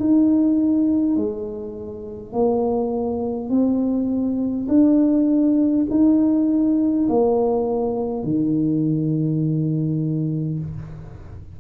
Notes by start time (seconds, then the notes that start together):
0.00 D#4
1.17 G#3
2.33 A#3
3.49 C4
4.68 D4
5.90 D#4
7.09 A#3
8.24 D#3